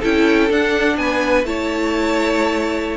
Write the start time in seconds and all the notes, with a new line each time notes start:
0.00 C#4 E4 A4 G5
0.50 D4 F#5
0.98 B3 B4 G#5
1.44 A3 E4 C#5 A5